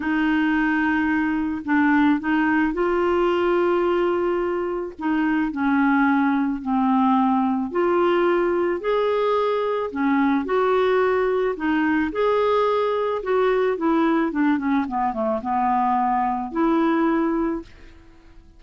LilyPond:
\new Staff \with { instrumentName = "clarinet" } { \time 4/4 \tempo 4 = 109 dis'2. d'4 | dis'4 f'2.~ | f'4 dis'4 cis'2 | c'2 f'2 |
gis'2 cis'4 fis'4~ | fis'4 dis'4 gis'2 | fis'4 e'4 d'8 cis'8 b8 a8 | b2 e'2 | }